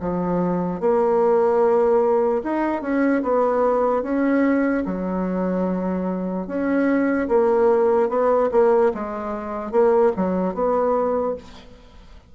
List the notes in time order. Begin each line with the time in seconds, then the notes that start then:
0.00 F3
0.80 A#3
2.43 D#4
2.82 C#4
3.22 B3
4.02 C#4
4.85 F#3
6.46 C#4
7.28 A#3
8.09 B3
8.51 A#3
8.94 G#3
9.71 A#3
10.16 F#3
10.54 B3